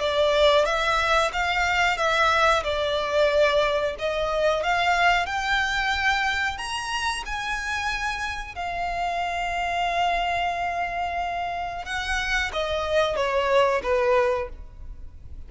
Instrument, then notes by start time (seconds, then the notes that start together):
violin
0.00 D5
0.65 E5
1.33 F5
1.98 E5
2.64 D5
3.99 D#5
4.63 F5
5.26 G5
6.58 A#5
7.26 G#5
8.56 F5
11.85 F#5
12.53 D#5
13.16 C#5
13.83 B4